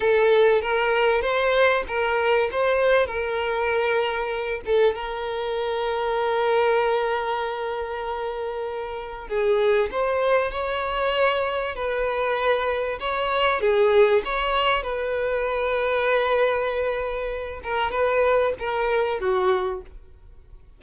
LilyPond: \new Staff \with { instrumentName = "violin" } { \time 4/4 \tempo 4 = 97 a'4 ais'4 c''4 ais'4 | c''4 ais'2~ ais'8 a'8 | ais'1~ | ais'2. gis'4 |
c''4 cis''2 b'4~ | b'4 cis''4 gis'4 cis''4 | b'1~ | b'8 ais'8 b'4 ais'4 fis'4 | }